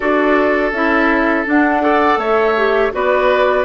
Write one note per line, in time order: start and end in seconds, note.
0.00 0.72 D4
0.00 0.71 F#4
0.00 1.82 A4
0.00 0.72 D5
0.72 1.45 C#4
0.72 1.46 E4
0.72 1.45 E5
1.46 1.82 D4
1.46 2.17 D4
1.46 2.19 F#5
1.82 2.55 A4
1.82 2.19 D5
2.17 2.90 A3
2.17 2.92 C#5
2.17 2.92 E5
2.56 2.92 G4
2.92 3.64 B3
2.92 3.64 F#4
2.92 3.64 B4
2.92 3.64 D5